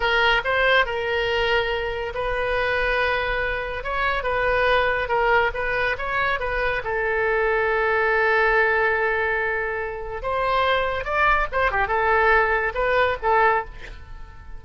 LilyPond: \new Staff \with { instrumentName = "oboe" } { \time 4/4 \tempo 4 = 141 ais'4 c''4 ais'2~ | ais'4 b'2.~ | b'4 cis''4 b'2 | ais'4 b'4 cis''4 b'4 |
a'1~ | a'1 | c''2 d''4 c''8 g'8 | a'2 b'4 a'4 | }